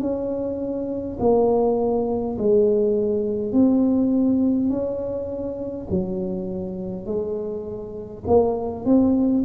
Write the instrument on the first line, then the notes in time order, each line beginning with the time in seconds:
tuba
0.00 C#4
1.19 A#3
2.39 G#3
3.52 C4
4.70 C#4
5.90 F#3
7.06 G#3
8.27 A#3
8.85 C4